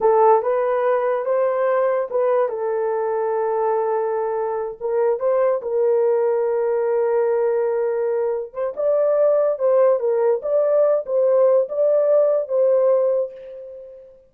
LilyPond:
\new Staff \with { instrumentName = "horn" } { \time 4/4 \tempo 4 = 144 a'4 b'2 c''4~ | c''4 b'4 a'2~ | a'2.~ a'8 ais'8~ | ais'8 c''4 ais'2~ ais'8~ |
ais'1~ | ais'8 c''8 d''2 c''4 | ais'4 d''4. c''4. | d''2 c''2 | }